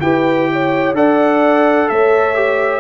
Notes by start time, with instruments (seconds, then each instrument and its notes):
0.00 tuba E4, trombone G4, horn B4, trumpet G5
0.52 horn C#5
0.93 tuba D4, trombone A4, horn D5, trumpet F#5
1.89 tuba A3, horn C#5, trumpet E5
2.35 trombone G4